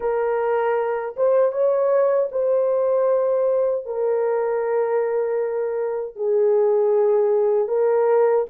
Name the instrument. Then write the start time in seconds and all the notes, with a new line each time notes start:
horn
0.00 A#4
1.16 C5
1.52 C#5
2.31 C5
3.85 A#4
6.15 G#4
7.68 A#4